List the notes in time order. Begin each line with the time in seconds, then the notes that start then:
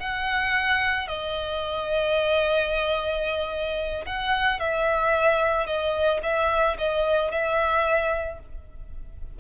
0.00 F#5
1.08 D#5
4.07 F#5
4.60 E5
5.67 D#5
6.23 E5
6.79 D#5
7.32 E5